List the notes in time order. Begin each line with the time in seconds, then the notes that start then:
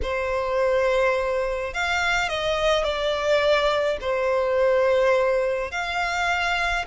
0.02 C5
1.73 F5
2.28 D#5
2.83 D5
4.00 C5
5.71 F5